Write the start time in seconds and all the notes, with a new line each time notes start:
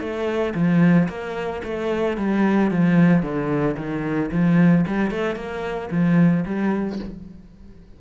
0.00 A3
0.54 F3
1.08 A#3
1.64 A3
2.17 G3
2.71 F3
3.22 D3
3.77 D#3
4.31 F3
4.87 G3
5.11 A3
5.35 A#3
5.91 F3
6.46 G3